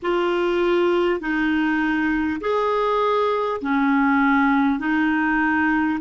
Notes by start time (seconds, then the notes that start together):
0.02 F4
1.20 D#4
2.40 G#4
3.61 C#4
4.79 D#4